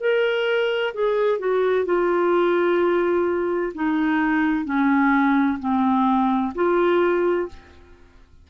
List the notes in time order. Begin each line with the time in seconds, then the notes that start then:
0.00 A#4
0.94 G#4
1.39 F#4
1.85 F4
3.75 D#4
4.64 C#4
5.59 C4
6.55 F4